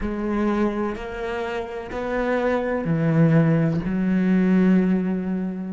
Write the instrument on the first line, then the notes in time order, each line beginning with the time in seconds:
cello
0.00 G#3
0.95 A#3
1.91 B3
2.84 E3
3.85 F#3